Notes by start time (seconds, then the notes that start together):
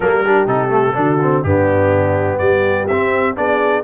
0.00 G3 A#3 A4 A#4
0.25 D4 G4
0.47 C3 D#4 A4
0.68 A3
0.93 D3 D4 F#4
1.21 C4
1.43 G2 B3 D4 G4
2.38 G3 G4 D5
2.87 C4 E5
3.35 B3 D4 G#4 D5